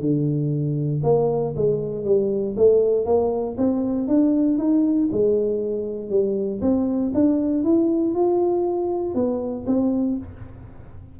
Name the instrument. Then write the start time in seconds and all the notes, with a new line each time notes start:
tuba
0.00 D3
1.03 A#3
1.56 G#3
2.05 G3
2.57 A3
3.05 A#3
3.57 C4
4.08 D4
4.58 D#4
5.11 G#3
6.09 G3
6.61 C4
7.14 D4
7.63 E4
8.14 F4
9.14 B3
9.66 C4